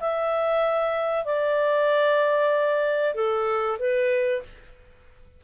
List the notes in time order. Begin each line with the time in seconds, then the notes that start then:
0.00 E5
1.25 D5
3.15 A4
3.80 B4